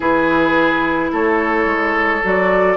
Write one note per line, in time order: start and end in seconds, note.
0.00 1.11 E3
0.00 2.21 E4
0.00 1.10 G#4
0.00 1.12 B4
1.12 1.65 A3
1.12 2.77 A4
1.12 2.25 C#5
1.65 2.21 G#3
2.23 2.77 F#3
2.23 2.77 F#4
2.23 2.77 D5